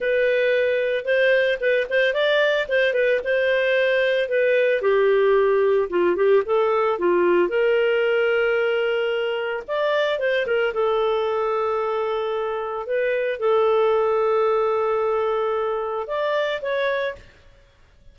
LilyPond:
\new Staff \with { instrumentName = "clarinet" } { \time 4/4 \tempo 4 = 112 b'2 c''4 b'8 c''8 | d''4 c''8 b'8 c''2 | b'4 g'2 f'8 g'8 | a'4 f'4 ais'2~ |
ais'2 d''4 c''8 ais'8 | a'1 | b'4 a'2.~ | a'2 d''4 cis''4 | }